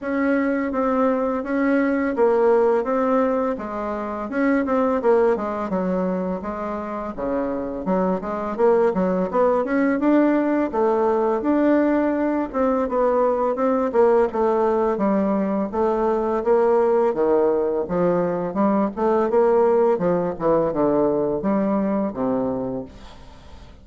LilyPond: \new Staff \with { instrumentName = "bassoon" } { \time 4/4 \tempo 4 = 84 cis'4 c'4 cis'4 ais4 | c'4 gis4 cis'8 c'8 ais8 gis8 | fis4 gis4 cis4 fis8 gis8 | ais8 fis8 b8 cis'8 d'4 a4 |
d'4. c'8 b4 c'8 ais8 | a4 g4 a4 ais4 | dis4 f4 g8 a8 ais4 | f8 e8 d4 g4 c4 | }